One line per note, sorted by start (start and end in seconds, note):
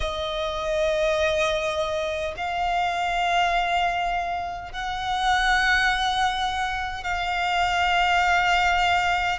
0.00 2.34 D#5
2.36 4.72 F5
4.72 7.03 F#5
7.03 9.39 F5